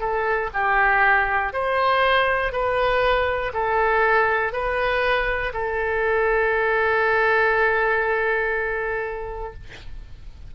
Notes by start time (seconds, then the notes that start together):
0.00 A4
0.54 G4
1.54 C5
2.53 B4
3.54 A4
4.53 B4
5.54 A4